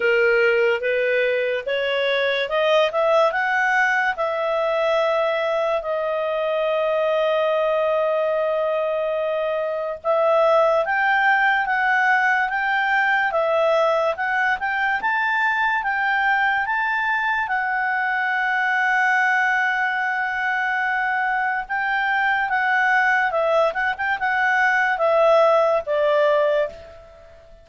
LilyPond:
\new Staff \with { instrumentName = "clarinet" } { \time 4/4 \tempo 4 = 72 ais'4 b'4 cis''4 dis''8 e''8 | fis''4 e''2 dis''4~ | dis''1 | e''4 g''4 fis''4 g''4 |
e''4 fis''8 g''8 a''4 g''4 | a''4 fis''2.~ | fis''2 g''4 fis''4 | e''8 fis''16 g''16 fis''4 e''4 d''4 | }